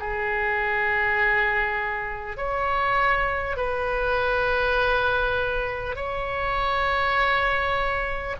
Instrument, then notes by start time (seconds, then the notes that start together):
oboe
0.00 G#4
2.37 C#5
3.57 B4
5.96 C#5